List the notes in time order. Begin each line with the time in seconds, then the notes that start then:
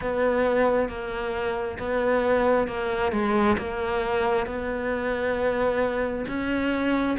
0.01 B3
0.88 A#3
1.79 B3
2.67 A#3
3.12 G#3
3.57 A#3
4.46 B3
6.28 C#4